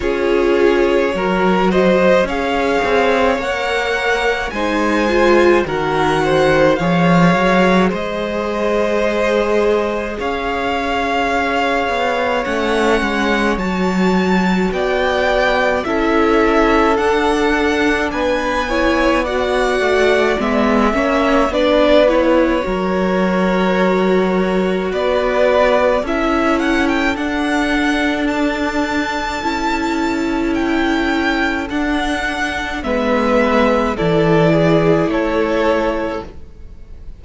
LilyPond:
<<
  \new Staff \with { instrumentName = "violin" } { \time 4/4 \tempo 4 = 53 cis''4. dis''8 f''4 fis''4 | gis''4 fis''4 f''4 dis''4~ | dis''4 f''2 fis''4 | a''4 g''4 e''4 fis''4 |
gis''4 fis''4 e''4 d''8 cis''8~ | cis''2 d''4 e''8 fis''16 g''16 | fis''4 a''2 g''4 | fis''4 e''4 d''4 cis''4 | }
  \new Staff \with { instrumentName = "violin" } { \time 4/4 gis'4 ais'8 c''8 cis''2 | c''4 ais'8 c''8 cis''4 c''4~ | c''4 cis''2.~ | cis''4 d''4 a'2 |
b'8 cis''8 d''4. cis''8 b'4 | ais'2 b'4 a'4~ | a'1~ | a'4 b'4 a'8 gis'8 a'4 | }
  \new Staff \with { instrumentName = "viola" } { \time 4/4 f'4 fis'4 gis'4 ais'4 | dis'8 f'8 fis'4 gis'2~ | gis'2. cis'4 | fis'2 e'4 d'4~ |
d'8 e'8 fis'4 b8 cis'8 d'8 e'8 | fis'2. e'4 | d'2 e'2 | d'4 b4 e'2 | }
  \new Staff \with { instrumentName = "cello" } { \time 4/4 cis'4 fis4 cis'8 c'8 ais4 | gis4 dis4 f8 fis8 gis4~ | gis4 cis'4. b8 a8 gis8 | fis4 b4 cis'4 d'4 |
b4. a8 gis8 ais8 b4 | fis2 b4 cis'4 | d'2 cis'2 | d'4 gis4 e4 a4 | }
>>